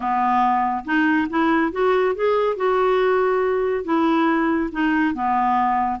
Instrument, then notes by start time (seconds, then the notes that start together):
clarinet
0.00 B3
0.85 D#4
1.29 E4
1.72 F#4
2.15 G#4
2.56 F#4
3.84 E4
4.72 D#4
5.14 B3